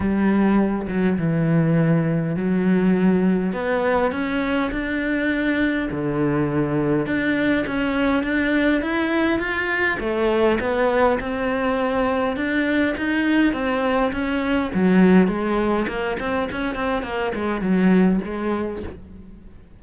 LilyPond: \new Staff \with { instrumentName = "cello" } { \time 4/4 \tempo 4 = 102 g4. fis8 e2 | fis2 b4 cis'4 | d'2 d2 | d'4 cis'4 d'4 e'4 |
f'4 a4 b4 c'4~ | c'4 d'4 dis'4 c'4 | cis'4 fis4 gis4 ais8 c'8 | cis'8 c'8 ais8 gis8 fis4 gis4 | }